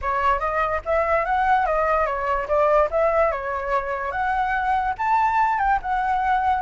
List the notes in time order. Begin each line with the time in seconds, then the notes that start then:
0.01 C#5
0.39 D#5
0.85 E5
1.25 F#5
1.66 D#5
2.06 C#5
2.48 D5
2.91 E5
3.31 C#5
4.11 F#5
4.97 A5
5.58 G5
5.82 F#5